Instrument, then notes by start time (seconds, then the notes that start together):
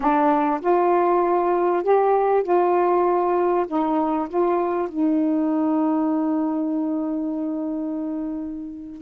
saxophone
0.00 D4
0.61 F4
1.83 G4
2.43 F4
3.67 D#4
4.29 F4
4.88 D#4